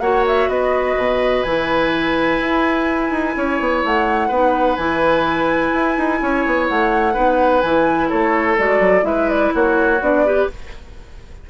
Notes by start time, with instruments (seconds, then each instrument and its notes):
0.00 bassoon A#3, clarinet F#4, oboe C#5, flute F#5
0.27 flute E5
0.48 bassoon B3, oboe B4, flute D#5
0.96 bassoon B2
1.43 bassoon E3, clarinet E4, flute G#5
2.39 bassoon E4
3.11 bassoon D#4
3.36 bassoon C#4, oboe C#5
3.60 bassoon B3
3.84 bassoon A3, flute F#5
4.28 bassoon B3, clarinet D#4, oboe B4
4.76 bassoon E3, clarinet E4, flute G#5
5.73 bassoon E4
5.97 bassoon D#4
6.21 bassoon C#4, oboe C#5
6.46 bassoon B3
6.67 bassoon A3, flute F#5
7.13 bassoon B3, clarinet D#4, oboe B4
7.61 bassoon E3, clarinet E4, flute G#5
8.09 bassoon A3, oboe A4, flute C#5
8.58 bassoon G#3, clarinet F#4, flute D5
8.80 bassoon F#3
9.02 bassoon G#3, clarinet E4, oboe B4, flute E5
9.29 flute D5
9.54 bassoon A#3, oboe F#4, flute C#5
10.01 bassoon B3, clarinet D4, flute D5
10.26 clarinet G4, oboe B4